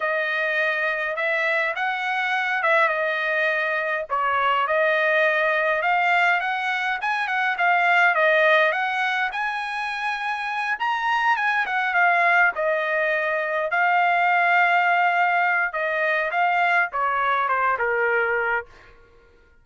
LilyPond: \new Staff \with { instrumentName = "trumpet" } { \time 4/4 \tempo 4 = 103 dis''2 e''4 fis''4~ | fis''8 e''8 dis''2 cis''4 | dis''2 f''4 fis''4 | gis''8 fis''8 f''4 dis''4 fis''4 |
gis''2~ gis''8 ais''4 gis''8 | fis''8 f''4 dis''2 f''8~ | f''2. dis''4 | f''4 cis''4 c''8 ais'4. | }